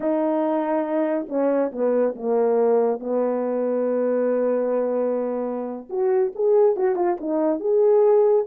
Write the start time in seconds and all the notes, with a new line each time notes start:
0.00 D#4
1.28 C#4
1.72 B3
2.15 A#3
2.99 B3
5.89 F#4
6.35 G#4
6.76 F#4
6.95 F4
7.20 D#4
7.60 G#4